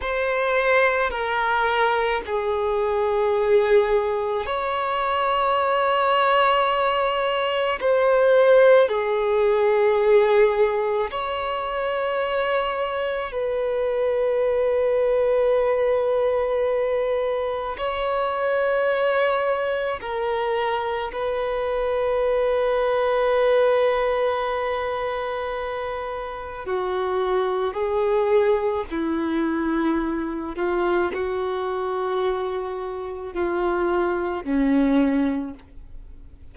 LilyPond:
\new Staff \with { instrumentName = "violin" } { \time 4/4 \tempo 4 = 54 c''4 ais'4 gis'2 | cis''2. c''4 | gis'2 cis''2 | b'1 |
cis''2 ais'4 b'4~ | b'1 | fis'4 gis'4 e'4. f'8 | fis'2 f'4 cis'4 | }